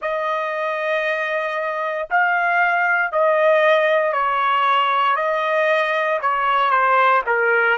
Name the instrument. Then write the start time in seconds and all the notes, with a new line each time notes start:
trumpet
0.01 D#5
2.10 F5
3.11 D#5
4.12 C#5
5.16 D#5
6.21 C#5
6.70 C5
7.26 A#4